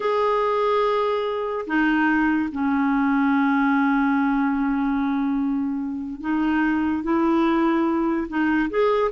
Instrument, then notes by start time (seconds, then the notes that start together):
clarinet
0.00 G#4
1.67 D#4
2.52 C#4
6.21 D#4
7.03 E4
8.28 D#4
8.70 G#4